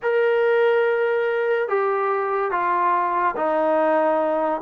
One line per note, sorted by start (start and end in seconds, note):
0.02 1.68 A#4
1.68 2.51 G4
2.51 3.35 F4
3.36 4.61 D#4